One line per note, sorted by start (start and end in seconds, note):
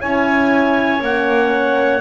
0.00 1.01 C#4
0.00 1.02 E4
0.00 2.01 C#5
0.00 1.02 G#5
1.01 2.01 A#3
1.01 2.01 C#4
1.01 2.01 F#5